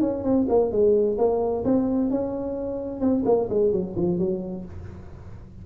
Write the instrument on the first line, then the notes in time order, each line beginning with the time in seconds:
tuba
0.00 C#4
0.23 C4
0.48 A#3
0.71 G#3
1.17 A#3
1.64 C4
2.10 C#4
3.00 C4
3.25 A#3
3.49 G#3
3.72 F#3
3.95 F3
4.18 F#3